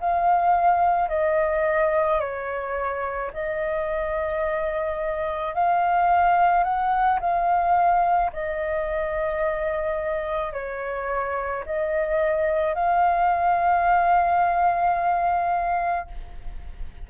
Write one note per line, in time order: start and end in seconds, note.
0.00 1.09 F5
1.09 2.20 D#5
2.20 3.31 C#5
3.33 5.55 D#5
5.55 6.64 F5
6.64 7.19 F#5
7.20 8.31 F5
8.33 10.53 D#5
10.53 11.64 C#5
11.66 12.75 D#5
12.75 16.08 F5